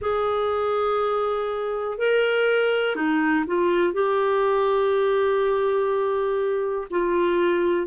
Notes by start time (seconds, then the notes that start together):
0.01 G#4
1.98 A#4
2.95 D#4
3.46 F4
3.93 G4
6.90 F4